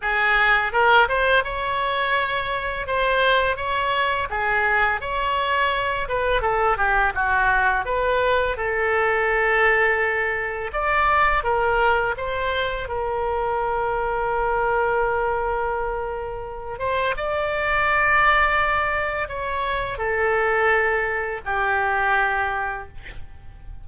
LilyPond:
\new Staff \with { instrumentName = "oboe" } { \time 4/4 \tempo 4 = 84 gis'4 ais'8 c''8 cis''2 | c''4 cis''4 gis'4 cis''4~ | cis''8 b'8 a'8 g'8 fis'4 b'4 | a'2. d''4 |
ais'4 c''4 ais'2~ | ais'2.~ ais'8 c''8 | d''2. cis''4 | a'2 g'2 | }